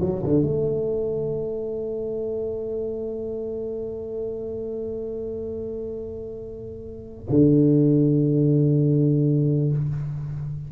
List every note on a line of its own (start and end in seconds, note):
0.00 0.22 F#3
0.22 0.42 D3
0.42 7.26 A3
7.29 9.72 D3